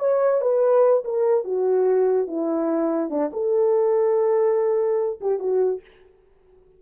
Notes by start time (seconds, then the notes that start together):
0.00 C#5
0.41 B4
1.05 A#4
1.45 F#4
2.27 E4
3.10 D4
3.33 A4
5.21 G4
5.40 F#4